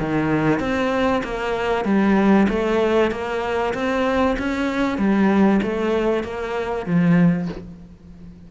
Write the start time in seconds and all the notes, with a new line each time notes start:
0.00 D#3
0.60 C4
1.24 A#3
1.85 G3
2.49 A3
3.12 A#3
3.74 C4
4.39 C#4
4.99 G3
5.63 A3
6.24 A#3
6.86 F3